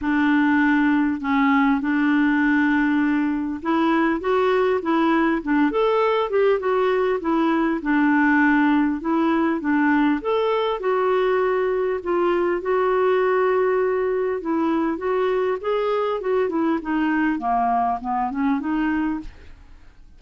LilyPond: \new Staff \with { instrumentName = "clarinet" } { \time 4/4 \tempo 4 = 100 d'2 cis'4 d'4~ | d'2 e'4 fis'4 | e'4 d'8 a'4 g'8 fis'4 | e'4 d'2 e'4 |
d'4 a'4 fis'2 | f'4 fis'2. | e'4 fis'4 gis'4 fis'8 e'8 | dis'4 ais4 b8 cis'8 dis'4 | }